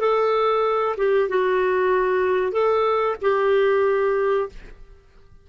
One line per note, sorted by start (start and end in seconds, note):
0.00 0.96 A4
0.97 1.29 G4
1.29 2.52 F#4
2.52 3.16 A4
3.21 4.49 G4